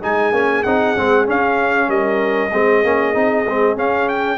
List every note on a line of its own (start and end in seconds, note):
0.00 0.32 G#3
0.00 0.33 D#4
0.00 1.88 G#4
0.00 0.62 G#5
0.32 0.63 A#3
0.32 0.64 C#4
0.62 0.96 C4
0.62 0.96 D#4
0.62 1.25 F#5
0.96 1.27 G#3
0.96 1.25 C4
1.25 2.50 C#4
1.25 1.88 C#4
1.25 1.89 F5
1.88 2.50 G3
1.88 2.50 A#4
1.88 3.77 D#5
2.52 2.83 G#3
2.52 2.84 C4
2.52 4.38 G#4
2.83 3.15 A#3
2.83 3.13 C#4
3.13 3.45 C4
3.13 3.45 D#4
3.45 3.76 G#3
3.45 3.76 C4
3.76 4.38 C#4
3.76 4.08 F5
4.08 4.38 G5